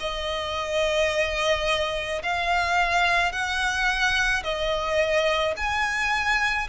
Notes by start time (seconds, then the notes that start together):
0.00 D#5
2.22 F5
3.32 F#5
4.43 D#5
5.57 G#5